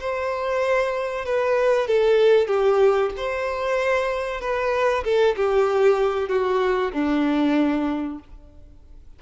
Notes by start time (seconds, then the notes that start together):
0.00 C5
1.25 B4
1.87 A4
2.47 G4
3.17 C5
4.40 B4
5.04 A4
5.36 G4
6.28 F#4
6.93 D4